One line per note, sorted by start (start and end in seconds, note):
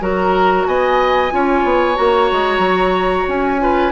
0.00 0.66 F#3
0.00 1.30 F#4
0.00 0.67 A#4
0.00 0.66 A#5
0.66 1.32 B3
0.66 1.33 D#5
0.66 1.96 G#5
1.30 1.64 C#4
1.30 1.95 F4
1.30 3.62 C#5
1.64 1.96 B3
1.95 2.31 A#3
1.95 3.58 F#4
1.95 3.26 A#5
2.31 2.58 G#3
2.58 3.24 F#3
3.28 3.92 C#4
3.28 3.92 G#5
3.59 3.91 F4
3.59 3.92 B4